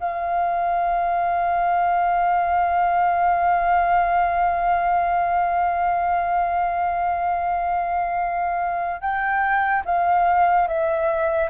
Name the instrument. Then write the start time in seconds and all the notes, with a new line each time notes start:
flute
0.00 F5
9.01 G5
9.85 F5
10.67 E5